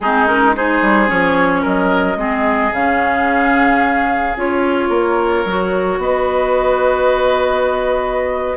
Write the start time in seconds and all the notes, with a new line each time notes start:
0.00 G#3 C4 D#4 G#4
0.26 C#4 A#4
0.54 D#4 G#4 C5
0.81 G3
1.07 F3 C#4 C#5
1.62 F#3 A#4 D#5
2.16 G#3 C4 G#4
2.72 C#3 C#4 F5
4.36 C#4 F4 C#5
4.89 A#3 A#4
5.44 F#3 F#4
5.98 B3 B4 D#5